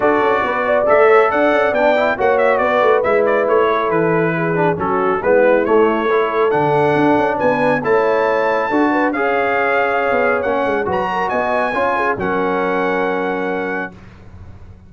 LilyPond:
<<
  \new Staff \with { instrumentName = "trumpet" } { \time 4/4 \tempo 4 = 138 d''2 e''4 fis''4 | g''4 fis''8 e''8 d''4 e''8 d''8 | cis''4 b'2 a'4 | b'4 cis''2 fis''4~ |
fis''4 gis''4 a''2~ | a''4 f''2. | fis''4 ais''4 gis''2 | fis''1 | }
  \new Staff \with { instrumentName = "horn" } { \time 4/4 a'4 b'8 d''4 cis''8 d''4~ | d''4 cis''4 b'2~ | b'8 a'4. gis'4 fis'4 | e'2 a'2~ |
a'4 b'4 cis''2 | a'8 b'8 cis''2.~ | cis''4 b'8 ais'8 dis''4 cis''8 gis'8 | ais'1 | }
  \new Staff \with { instrumentName = "trombone" } { \time 4/4 fis'2 a'2 | d'8 e'8 fis'2 e'4~ | e'2~ e'8 d'8 cis'4 | b4 a4 e'4 d'4~ |
d'2 e'2 | fis'4 gis'2. | cis'4 fis'2 f'4 | cis'1 | }
  \new Staff \with { instrumentName = "tuba" } { \time 4/4 d'8 cis'8 b4 a4 d'8 cis'8 | b4 ais4 b8 a8 gis4 | a4 e2 fis4 | gis4 a2 d4 |
d'8 cis'8 b4 a2 | d'4 cis'2~ cis'16 b8. | ais8 gis8 fis4 b4 cis'4 | fis1 | }
>>